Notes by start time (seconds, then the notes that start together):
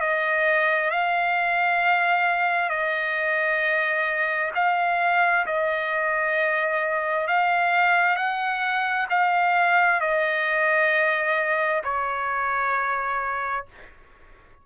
0.00 D#5
0.90 F5
2.69 D#5
4.55 F5
5.46 D#5
7.28 F5
8.16 F#5
9.10 F5
10.00 D#5
11.84 C#5